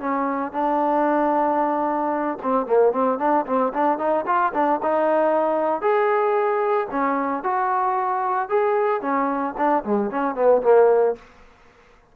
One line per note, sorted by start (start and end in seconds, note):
0.00 0.53 C#4
0.53 2.38 D4
2.43 2.66 C4
2.66 2.92 A#3
2.92 3.19 C4
3.19 3.45 D4
3.46 3.73 C4
3.73 3.98 D4
3.98 4.25 D#4
4.26 4.53 F4
4.54 4.80 D4
4.83 5.81 D#4
5.81 6.88 G#4
6.91 7.44 C#4
7.44 8.49 F#4
8.49 9.02 G#4
9.02 9.55 C#4
9.58 9.84 D4
9.84 10.11 G#3
10.11 10.35 C#4
10.35 10.62 B3
10.62 11.16 A#3